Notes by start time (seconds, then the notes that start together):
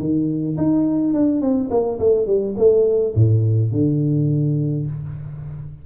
0.00 D#3
0.58 D#4
1.14 D4
1.42 C4
1.71 A#3
2.00 A3
2.27 G3
2.58 A3
3.16 A2
3.72 D3